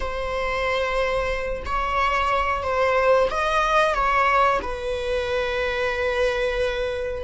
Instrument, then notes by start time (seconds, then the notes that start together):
viola
0.00 C5
1.65 C#5
2.62 C5
3.30 D#5
3.94 C#5
4.62 B4